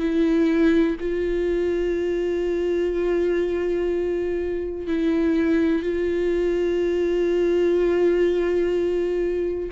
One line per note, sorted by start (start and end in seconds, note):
0.00 0.97 E4
1.01 4.87 F4
4.87 5.83 E4
5.83 9.70 F4